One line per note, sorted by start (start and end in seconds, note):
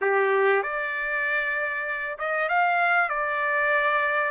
0.01 0.62 G4
0.62 2.17 D5
2.18 2.49 D#5
2.49 3.09 F5
3.09 4.31 D5